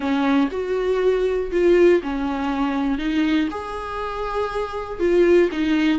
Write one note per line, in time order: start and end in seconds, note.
0.00 0.48 C#4
0.51 1.51 F#4
1.51 2.01 F4
2.02 2.98 C#4
2.98 3.48 D#4
3.50 4.99 G#4
4.99 5.49 F4
5.51 5.99 D#4